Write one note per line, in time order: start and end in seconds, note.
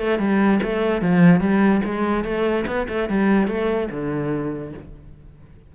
0.00 0.19 A3
0.19 0.60 G3
0.63 1.02 A3
1.02 1.40 F3
1.40 1.81 G3
1.85 2.24 G#3
2.24 2.65 A3
2.67 2.87 B3
2.89 3.09 A3
3.09 3.48 G3
3.48 3.89 A3
3.91 4.73 D3